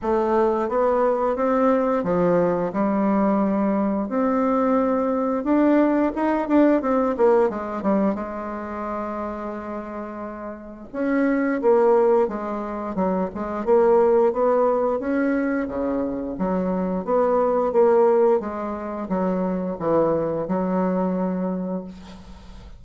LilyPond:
\new Staff \with { instrumentName = "bassoon" } { \time 4/4 \tempo 4 = 88 a4 b4 c'4 f4 | g2 c'2 | d'4 dis'8 d'8 c'8 ais8 gis8 g8 | gis1 |
cis'4 ais4 gis4 fis8 gis8 | ais4 b4 cis'4 cis4 | fis4 b4 ais4 gis4 | fis4 e4 fis2 | }